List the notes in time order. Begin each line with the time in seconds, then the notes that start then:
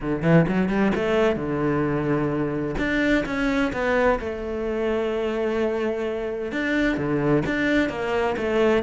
0.00 D3
0.22 E3
0.48 F#3
0.68 G3
0.95 A3
1.36 D3
2.78 D4
3.25 C#4
3.73 B3
4.19 A3
6.52 D4
6.97 D3
7.45 D4
7.89 A#3
8.37 A3